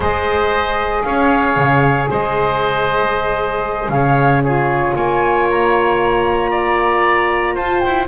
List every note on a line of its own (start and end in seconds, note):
0.00 1.03 G#3
0.00 4.41 G#4
0.00 1.02 C5
0.00 1.03 D#5
1.03 1.56 C#4
1.03 2.10 C#5
1.03 2.07 F5
1.56 2.08 C#3
2.10 3.88 G#3
2.10 3.92 C5
2.10 3.89 D#5
3.88 4.93 C#3
3.88 4.43 C#5
3.88 4.41 F5
4.43 8.07 F4
4.43 4.95 G#4
4.43 4.95 C#5
4.95 7.56 A#3
4.95 6.50 C#5
4.95 5.47 G#5
5.50 7.56 A#5
6.50 7.54 D5
7.54 7.82 F4
7.54 8.06 C5
7.54 7.79 A5
7.79 8.05 G5
7.86 8.07 E4